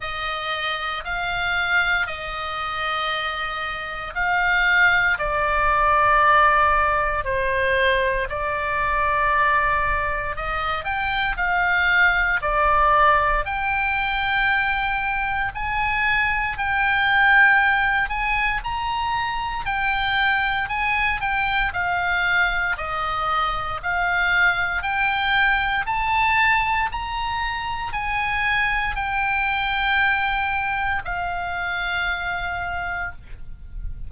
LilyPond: \new Staff \with { instrumentName = "oboe" } { \time 4/4 \tempo 4 = 58 dis''4 f''4 dis''2 | f''4 d''2 c''4 | d''2 dis''8 g''8 f''4 | d''4 g''2 gis''4 |
g''4. gis''8 ais''4 g''4 | gis''8 g''8 f''4 dis''4 f''4 | g''4 a''4 ais''4 gis''4 | g''2 f''2 | }